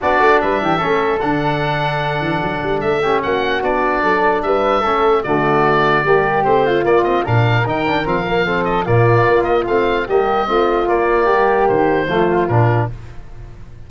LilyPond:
<<
  \new Staff \with { instrumentName = "oboe" } { \time 4/4 \tempo 4 = 149 d''4 e''2 fis''4~ | fis''2. e''4 | fis''4 d''2 e''4~ | e''4 d''2. |
c''4 d''8 dis''8 f''4 g''4 | f''4. dis''8 d''4. dis''8 | f''4 dis''2 d''4~ | d''4 c''2 ais'4 | }
  \new Staff \with { instrumentName = "flute" } { \time 4/4 fis'4 b'8 g'8 a'2~ | a'2.~ a'8 g'8 | fis'2 a'4 b'4 | a'4 fis'2 g'4~ |
g'8 f'4. ais'2~ | ais'4 a'4 f'2~ | f'4 g'4 f'2 | g'2 f'2 | }
  \new Staff \with { instrumentName = "trombone" } { \time 4/4 d'2 cis'4 d'4~ | d'2.~ d'8 cis'8~ | cis'4 d'2. | cis'4 a2 ais4 |
c'4 ais8 c'8 d'4 dis'8 d'8 | c'8 ais8 c'4 ais2 | c'4 ais4 c'4 ais4~ | ais2 a4 d'4 | }
  \new Staff \with { instrumentName = "tuba" } { \time 4/4 b8 a8 g8 e8 a4 d4~ | d4. e8 fis8 g8 a4 | ais4 b4 fis4 g4 | a4 d2 g4 |
a4 ais4 ais,4 dis4 | f2 ais,4 ais4 | a4 g4 a4 ais4 | g4 dis4 f4 ais,4 | }
>>